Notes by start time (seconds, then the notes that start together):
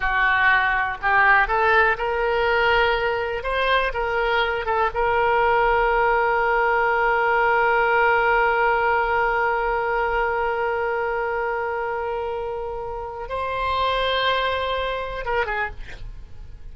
0.00 F#4
1.01 G4
1.47 A4
1.97 A#4
3.43 C5
3.93 A#4
4.65 A4
4.94 A#4
13.29 C5
15.25 A#4
15.46 G#4